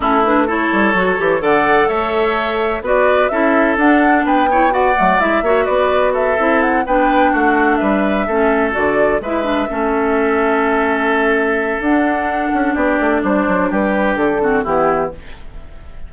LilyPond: <<
  \new Staff \with { instrumentName = "flute" } { \time 4/4 \tempo 4 = 127 a'8 b'8 cis''2 fis''4 | e''2 d''4 e''4 | fis''4 g''4 fis''4 e''4 | d''4 e''4 fis''8 g''4 fis''8~ |
fis''8 e''2 d''4 e''8~ | e''1~ | e''4 fis''2 d''4 | c''4 b'4 a'4 g'4 | }
  \new Staff \with { instrumentName = "oboe" } { \time 4/4 e'4 a'2 d''4 | cis''2 b'4 a'4~ | a'4 b'8 cis''8 d''4. cis''8 | b'4 a'4. b'4 fis'8~ |
fis'8 b'4 a'2 b'8~ | b'8 a'2.~ a'8~ | a'2. g'4 | d'4 g'4. fis'8 e'4 | }
  \new Staff \with { instrumentName = "clarinet" } { \time 4/4 cis'8 d'8 e'4 fis'8 g'8 a'4~ | a'2 fis'4 e'4 | d'4. e'8 fis'8 a8 e'8 fis'8~ | fis'4. e'4 d'4.~ |
d'4. cis'4 fis'4 e'8 | d'8 cis'2.~ cis'8~ | cis'4 d'2.~ | d'2~ d'8 c'8 b4 | }
  \new Staff \with { instrumentName = "bassoon" } { \time 4/4 a4. g8 fis8 e8 d4 | a2 b4 cis'4 | d'4 b4. fis8 gis8 ais8 | b4. c'4 b4 a8~ |
a8 g4 a4 d4 gis8~ | gis8 a2.~ a8~ | a4 d'4. cis'8 b8 a8 | g8 fis8 g4 d4 e4 | }
>>